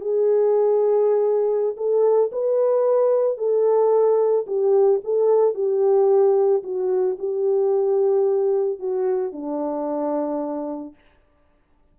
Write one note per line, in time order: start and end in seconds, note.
0.00 1.76 G#4
1.77 2.31 A4
2.32 3.37 B4
3.37 4.45 A4
4.46 5.00 G4
5.04 5.54 A4
5.54 6.62 G4
6.63 7.17 F#4
7.19 8.79 G4
8.79 9.32 F#4
9.32 10.94 D4